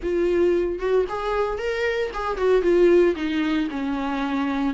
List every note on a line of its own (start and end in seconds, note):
0.02 0.79 F4
0.79 1.05 F#4
1.08 1.58 G#4
1.58 2.10 A#4
2.13 2.37 G#4
2.37 2.62 F#4
2.62 3.14 F4
3.15 3.68 D#4
3.70 4.74 C#4